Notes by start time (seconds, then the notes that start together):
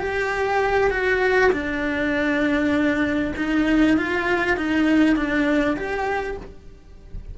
0.00 G4
0.91 F#4
1.52 D4
3.37 D#4
3.97 F4
4.57 D#4
5.16 D4
5.77 G4